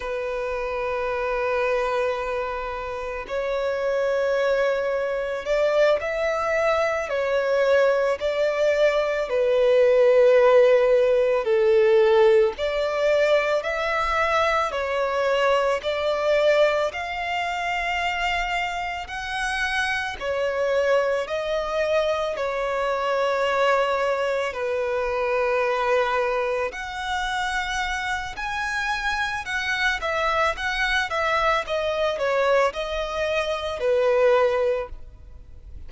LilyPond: \new Staff \with { instrumentName = "violin" } { \time 4/4 \tempo 4 = 55 b'2. cis''4~ | cis''4 d''8 e''4 cis''4 d''8~ | d''8 b'2 a'4 d''8~ | d''8 e''4 cis''4 d''4 f''8~ |
f''4. fis''4 cis''4 dis''8~ | dis''8 cis''2 b'4.~ | b'8 fis''4. gis''4 fis''8 e''8 | fis''8 e''8 dis''8 cis''8 dis''4 b'4 | }